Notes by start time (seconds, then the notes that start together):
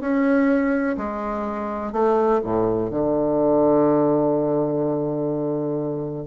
0.00 C#4
0.97 G#3
1.92 A3
2.43 A2
2.90 D3